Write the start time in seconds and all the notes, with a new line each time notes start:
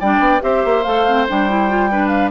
0.00 G3 D4 D5 G5
0.19 B3
0.41 C4 G4 C5 E5
0.65 A#3
0.83 A3 A4 F5
1.07 C4
1.28 G3 D4 G5
1.49 E4
1.69 F4
1.91 D4 B4
2.08 F5